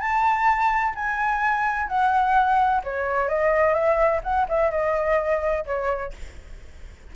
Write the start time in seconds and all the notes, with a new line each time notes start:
0.00 A5
0.95 G#5
1.88 F#5
2.84 C#5
3.29 D#5
3.74 E5
4.23 F#5
4.49 E5
4.71 D#5
5.66 C#5